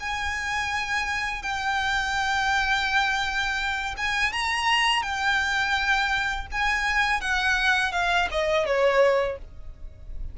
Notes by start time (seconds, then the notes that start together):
0.00 G#5
1.42 G5
3.97 G#5
4.32 A#5
5.02 G5
6.51 G#5
7.21 F#5
7.92 F5
8.31 D#5
8.65 C#5